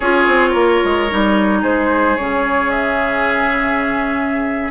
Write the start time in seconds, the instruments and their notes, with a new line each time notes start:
0.00 bassoon C#4, clarinet F4, oboe G#4, flute C#5
0.27 bassoon C4
0.50 bassoon A#3, oboe A#4
0.84 bassoon G#3
1.10 bassoon G3, clarinet D#4
1.61 bassoon G#3, oboe G#4, flute C5
2.16 bassoon C#3, clarinet C#4, flute C#5
2.70 flute E5